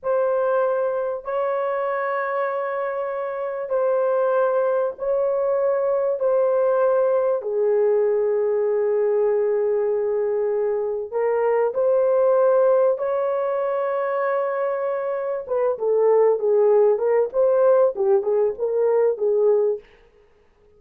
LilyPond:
\new Staff \with { instrumentName = "horn" } { \time 4/4 \tempo 4 = 97 c''2 cis''2~ | cis''2 c''2 | cis''2 c''2 | gis'1~ |
gis'2 ais'4 c''4~ | c''4 cis''2.~ | cis''4 b'8 a'4 gis'4 ais'8 | c''4 g'8 gis'8 ais'4 gis'4 | }